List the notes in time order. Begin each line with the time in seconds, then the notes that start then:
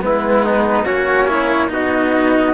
0.00 G#3 B3 E4 B4
0.45 D#4
0.85 A#3 C#4 F#4 C#5
1.28 E4
1.67 B3 D#4 F#4 D#5